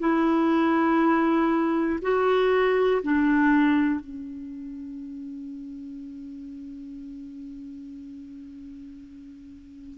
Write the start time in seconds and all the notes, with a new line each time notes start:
0.00 E4
2.02 F#4
3.03 D4
4.00 C#4